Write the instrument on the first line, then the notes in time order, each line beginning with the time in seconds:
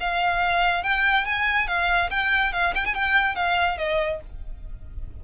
violin
0.00 F5
0.84 G5
1.26 G#5
1.67 F5
2.10 G5
2.53 F5
2.75 G5
2.85 G#5
2.94 G5
3.35 F5
3.78 D#5